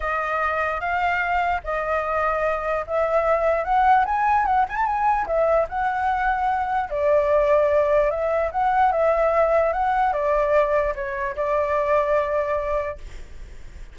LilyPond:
\new Staff \with { instrumentName = "flute" } { \time 4/4 \tempo 4 = 148 dis''2 f''2 | dis''2. e''4~ | e''4 fis''4 gis''4 fis''8 gis''16 a''16 | gis''4 e''4 fis''2~ |
fis''4 d''2. | e''4 fis''4 e''2 | fis''4 d''2 cis''4 | d''1 | }